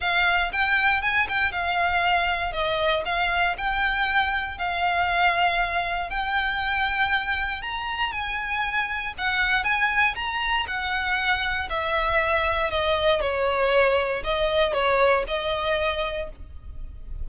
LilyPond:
\new Staff \with { instrumentName = "violin" } { \time 4/4 \tempo 4 = 118 f''4 g''4 gis''8 g''8 f''4~ | f''4 dis''4 f''4 g''4~ | g''4 f''2. | g''2. ais''4 |
gis''2 fis''4 gis''4 | ais''4 fis''2 e''4~ | e''4 dis''4 cis''2 | dis''4 cis''4 dis''2 | }